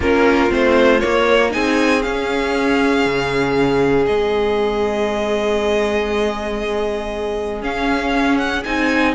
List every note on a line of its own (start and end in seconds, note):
0.00 0.51 A#3
0.00 0.49 C#4
0.00 1.51 F4
0.00 0.51 A#4
0.49 1.02 A3
0.49 1.00 C4
0.49 1.00 C5
1.00 1.50 A#3
1.00 1.55 A#3
1.00 1.50 C#5
1.50 2.05 C4
1.50 2.01 D#4
1.50 9.15 G#4
1.50 2.02 G#5
2.02 4.07 C#4
2.02 3.05 C#4
2.02 4.05 F5
3.05 4.07 C#3
4.06 7.62 G#3
4.06 7.62 C4
4.06 7.62 D#5
7.62 8.63 C#4
7.62 8.64 C#4
7.62 8.37 F5
8.37 8.63 F#5
8.63 9.15 C4
8.63 9.15 D#4
8.63 9.14 G#5